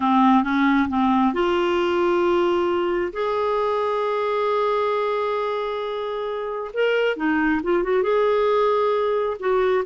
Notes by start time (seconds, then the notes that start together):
0.00 C4
0.43 C#4
0.88 C4
1.33 F4
3.12 G#4
6.73 A#4
7.16 D#4
7.63 F4
7.83 F#4
8.03 G#4
9.39 F#4